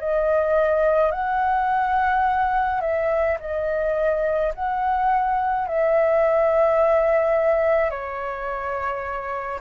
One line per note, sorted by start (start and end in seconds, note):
0.00 1.12 D#5
1.12 2.81 F#5
2.81 3.38 E5
3.40 4.53 D#5
4.55 5.68 F#5
5.68 7.90 E5
7.90 9.60 C#5